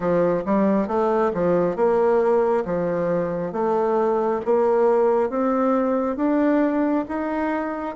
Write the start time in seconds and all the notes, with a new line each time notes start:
0.00 F3
0.45 G3
0.87 A3
1.34 F3
1.76 A#3
2.65 F3
3.52 A3
4.45 A#3
5.29 C4
6.16 D4
7.08 D#4